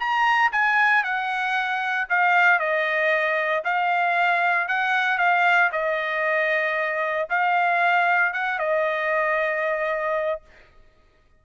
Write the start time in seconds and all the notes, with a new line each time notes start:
0.00 A#5
0.52 G#5
1.04 F#5
2.10 F5
2.59 D#5
3.65 F5
4.68 F#5
5.18 F5
5.72 D#5
7.30 F5
8.34 F#5
8.59 D#5